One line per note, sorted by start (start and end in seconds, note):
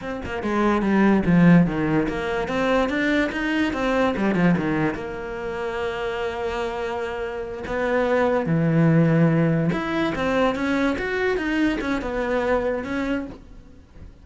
0.01 0.21 C4
0.25 0.42 A#3
0.42 0.82 G#3
0.82 1.23 G3
1.25 1.66 F3
1.66 2.07 D#3
2.08 2.48 A#3
2.48 2.89 C4
2.89 3.30 D4
3.31 3.73 D#4
3.73 4.14 C4
4.16 4.34 G3
4.34 4.55 F3
4.57 4.94 D#3
4.94 7.63 A#3
7.66 8.46 B3
8.46 9.70 E3
9.72 10.13 E4
10.15 10.55 C4
10.55 10.96 C#4
10.98 11.37 F#4
11.37 11.78 D#4
11.80 12.01 C#4
12.01 12.84 B3
12.84 13.25 C#4